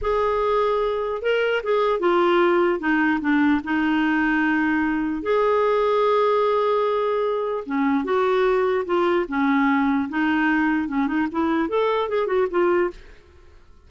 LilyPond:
\new Staff \with { instrumentName = "clarinet" } { \time 4/4 \tempo 4 = 149 gis'2. ais'4 | gis'4 f'2 dis'4 | d'4 dis'2.~ | dis'4 gis'2.~ |
gis'2. cis'4 | fis'2 f'4 cis'4~ | cis'4 dis'2 cis'8 dis'8 | e'4 a'4 gis'8 fis'8 f'4 | }